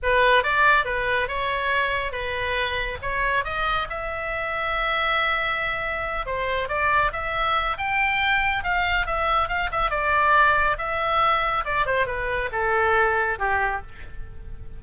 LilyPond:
\new Staff \with { instrumentName = "oboe" } { \time 4/4 \tempo 4 = 139 b'4 d''4 b'4 cis''4~ | cis''4 b'2 cis''4 | dis''4 e''2.~ | e''2~ e''8 c''4 d''8~ |
d''8 e''4. g''2 | f''4 e''4 f''8 e''8 d''4~ | d''4 e''2 d''8 c''8 | b'4 a'2 g'4 | }